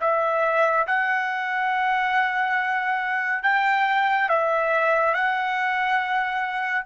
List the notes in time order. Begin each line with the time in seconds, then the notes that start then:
0.00 E5
0.86 F#5
3.43 G5
4.29 E5
5.14 F#5